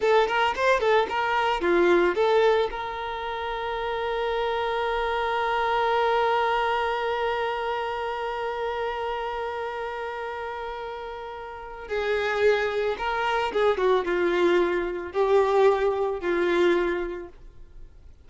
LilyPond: \new Staff \with { instrumentName = "violin" } { \time 4/4 \tempo 4 = 111 a'8 ais'8 c''8 a'8 ais'4 f'4 | a'4 ais'2.~ | ais'1~ | ais'1~ |
ais'1~ | ais'2 gis'2 | ais'4 gis'8 fis'8 f'2 | g'2 f'2 | }